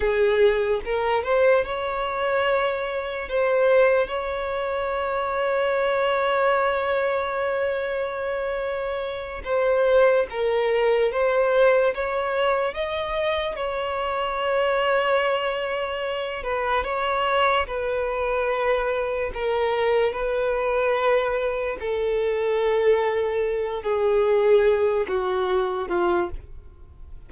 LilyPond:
\new Staff \with { instrumentName = "violin" } { \time 4/4 \tempo 4 = 73 gis'4 ais'8 c''8 cis''2 | c''4 cis''2.~ | cis''2.~ cis''8 c''8~ | c''8 ais'4 c''4 cis''4 dis''8~ |
dis''8 cis''2.~ cis''8 | b'8 cis''4 b'2 ais'8~ | ais'8 b'2 a'4.~ | a'4 gis'4. fis'4 f'8 | }